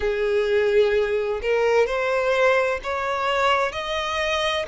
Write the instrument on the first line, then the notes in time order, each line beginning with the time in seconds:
violin
0.00 G#4
1.41 A#4
1.86 C5
2.83 C#5
3.72 D#5